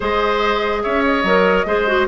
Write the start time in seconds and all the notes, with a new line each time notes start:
0.00 G#3 G#4 C5 D#5
0.82 C#4 C#5 E5
1.04 D#5
1.23 F#3 A#4
1.65 G#3 G#4 C5
1.87 F#4